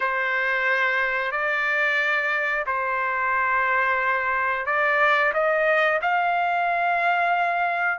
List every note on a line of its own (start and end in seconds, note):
0.00 1.32 C5
1.32 2.65 D5
2.66 4.65 C5
4.65 5.32 D5
5.33 6.00 D#5
6.02 7.98 F5